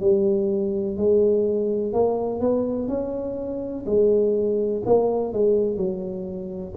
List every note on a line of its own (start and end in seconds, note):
0.00 0.97 G3
0.97 1.93 G#3
1.93 2.40 A#3
2.40 2.88 B3
2.88 3.85 C#4
3.86 4.83 G#3
4.86 5.33 A#3
5.33 5.77 G#3
5.77 6.73 F#3